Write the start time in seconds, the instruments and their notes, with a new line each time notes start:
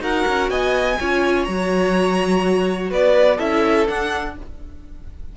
0.00 cello D#4, viola F#4, violin A#4 F#5
0.27 cello C#4
0.50 cello B3, violin D#5 G#5
1.00 cello C#4, viola F4, violin C#5
1.44 cello F#3, viola F#4, violin A#5
2.90 cello B3, violin B4 D5
3.37 cello C#4, viola E4, violin A4 E5
3.88 viola D4, cello D4, violin F#5